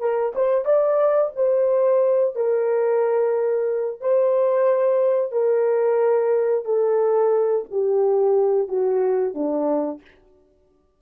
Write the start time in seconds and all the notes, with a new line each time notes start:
0.00 A#4
0.35 C5
0.65 D5
1.36 C5
2.36 A#4
4.01 C5
5.32 A#4
6.65 A4
7.71 G4
8.68 F#4
9.35 D4